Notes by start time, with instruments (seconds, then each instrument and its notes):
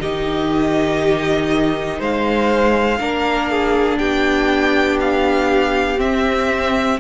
0.00 cello D#3, viola D#4, violin G4 D#5
1.99 cello G#3, violin C5 F5
2.99 cello A#3, viola D4, violin A#4
3.51 violin G#4
3.99 cello B3, violin G4 G5
5.00 violin F5
5.97 viola C4, cello C4, violin E5